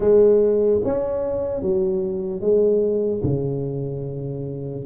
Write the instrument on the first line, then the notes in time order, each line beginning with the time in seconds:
tuba
0.00 G#3
0.84 C#4
1.61 F#3
2.40 G#3
3.23 C#3